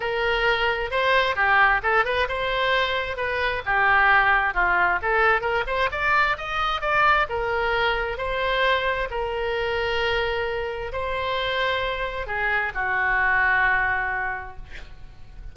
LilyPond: \new Staff \with { instrumentName = "oboe" } { \time 4/4 \tempo 4 = 132 ais'2 c''4 g'4 | a'8 b'8 c''2 b'4 | g'2 f'4 a'4 | ais'8 c''8 d''4 dis''4 d''4 |
ais'2 c''2 | ais'1 | c''2. gis'4 | fis'1 | }